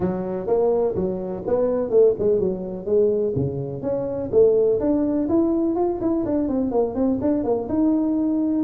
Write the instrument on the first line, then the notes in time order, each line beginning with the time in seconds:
tuba
0.00 F#3
0.46 A#3
0.95 F#3
1.46 B3
1.90 A3
2.19 G#3
2.39 F#3
2.85 G#3
3.35 C#3
3.82 C#4
4.31 A3
4.80 D4
5.28 E4
5.75 F4
6.00 E4
6.25 D4
6.48 C4
6.71 A#3
6.95 C4
7.21 D4
7.44 A#3
7.68 D#4